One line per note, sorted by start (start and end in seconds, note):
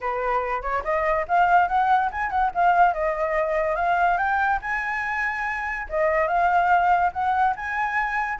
0.00 0.62 B4
0.62 0.83 C#5
0.84 1.26 D#5
1.27 1.68 F5
1.68 2.10 F#5
2.11 2.30 G#5
2.30 2.51 F#5
2.54 2.93 F5
2.93 3.75 D#5
3.75 4.17 F5
4.17 4.59 G5
4.61 5.87 G#5
5.89 6.27 D#5
6.27 7.11 F5
7.12 7.54 F#5
7.55 8.39 G#5